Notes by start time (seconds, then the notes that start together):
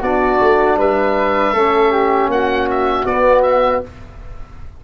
0.00 B3 D4 F#4 D5
0.41 A3
0.76 G3 B4 E5
1.53 A3 C#4 A4
1.91 G4
2.27 A#3 F#4 F#5
2.70 E5
3.05 B3 D5
3.42 E5